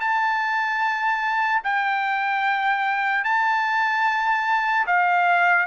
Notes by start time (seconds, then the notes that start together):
0.00 A5
1.64 G5
3.24 A5
4.86 F5